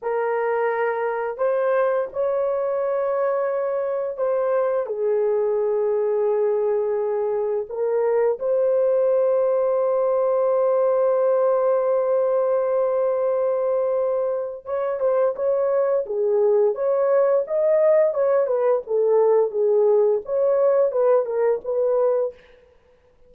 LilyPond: \new Staff \with { instrumentName = "horn" } { \time 4/4 \tempo 4 = 86 ais'2 c''4 cis''4~ | cis''2 c''4 gis'4~ | gis'2. ais'4 | c''1~ |
c''1~ | c''4 cis''8 c''8 cis''4 gis'4 | cis''4 dis''4 cis''8 b'8 a'4 | gis'4 cis''4 b'8 ais'8 b'4 | }